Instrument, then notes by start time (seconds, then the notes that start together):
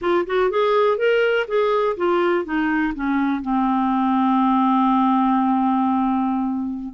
clarinet
0.01 F4
0.26 F#4
0.50 G#4
0.97 A#4
1.47 G#4
1.96 F4
2.45 D#4
2.94 C#4
3.41 C4